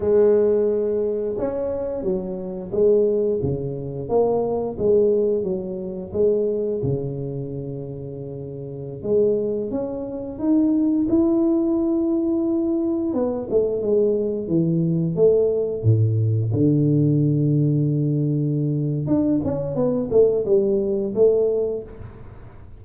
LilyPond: \new Staff \with { instrumentName = "tuba" } { \time 4/4 \tempo 4 = 88 gis2 cis'4 fis4 | gis4 cis4 ais4 gis4 | fis4 gis4 cis2~ | cis4~ cis16 gis4 cis'4 dis'8.~ |
dis'16 e'2. b8 a16~ | a16 gis4 e4 a4 a,8.~ | a,16 d2.~ d8. | d'8 cis'8 b8 a8 g4 a4 | }